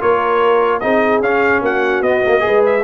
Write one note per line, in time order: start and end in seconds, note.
0.00 0.83 A#3
0.00 0.81 F4
0.00 0.82 A#4
0.00 0.80 C#5
0.80 1.20 C4
0.80 1.23 D#4
0.80 1.63 G#4
0.80 1.21 D#5
1.20 1.60 C#4
1.20 2.05 C#4
1.20 1.63 F5
1.61 2.01 A#3
1.61 2.44 F#4
1.61 2.02 F#5
2.01 2.21 B3
2.01 2.24 B3
2.01 2.63 D#5
2.24 2.40 A#3
2.24 2.46 A#3
2.40 2.80 G#4
2.40 2.84 B4
2.47 2.84 G#3
2.65 2.84 E5